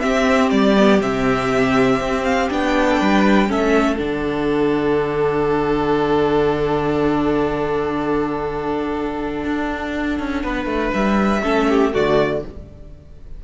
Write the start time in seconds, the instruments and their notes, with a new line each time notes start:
0.00 viola C4, cello C4, violin G4 E5
0.50 cello G3, violin D5
0.78 viola B3
1.01 cello C3, viola C4, violin E5
2.00 cello C4
2.24 violin F5
2.50 cello B3, viola D4, violin G5
2.89 violin A4
2.99 cello G3, violin B4
3.48 cello A3, viola C#4, violin A4 E5
3.97 cello D3, viola D4, violin F#5
9.45 cello D4
10.20 cello C#4
10.43 cello B3, violin B4
10.66 cello A3
10.93 cello G3, violin E5
11.43 cello A3, viola C#4, violin A4
11.69 violin G4
11.92 cello D3, viola A3, violin F#4 D5